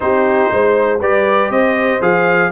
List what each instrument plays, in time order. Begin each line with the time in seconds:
0.00 tuba C4, trombone D#4, horn G4, trumpet C5
0.51 tuba G#3, horn C5
0.99 tuba G3, trombone G4, horn B4, trumpet D5
1.49 tuba C4, horn C5, trumpet D#5
2.01 tuba F3, trombone G#4, trumpet F5